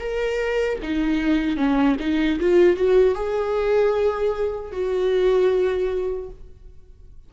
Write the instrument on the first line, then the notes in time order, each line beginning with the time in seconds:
viola
0.00 A#4
0.83 D#4
1.57 C#4
2.00 D#4
2.40 F4
2.77 F#4
3.15 G#4
4.72 F#4